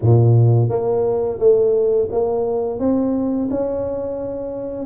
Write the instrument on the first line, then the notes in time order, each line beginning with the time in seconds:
tuba
0.01 A#2
0.68 A#3
1.39 A3
2.11 A#3
2.79 C4
3.50 C#4